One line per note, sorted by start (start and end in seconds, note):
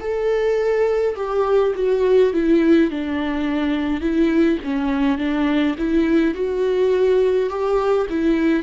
0.00 1.15 A4
1.15 1.73 G4
1.75 2.33 F#4
2.33 2.90 E4
2.90 4.01 D4
4.01 4.58 E4
4.64 5.18 C#4
5.18 5.75 D4
5.77 6.34 E4
6.34 7.49 F#4
7.49 8.07 G4
8.09 8.63 E4